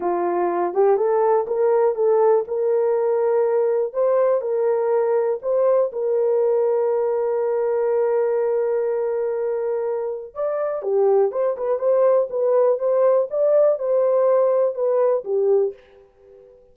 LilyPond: \new Staff \with { instrumentName = "horn" } { \time 4/4 \tempo 4 = 122 f'4. g'8 a'4 ais'4 | a'4 ais'2. | c''4 ais'2 c''4 | ais'1~ |
ais'1~ | ais'4 d''4 g'4 c''8 b'8 | c''4 b'4 c''4 d''4 | c''2 b'4 g'4 | }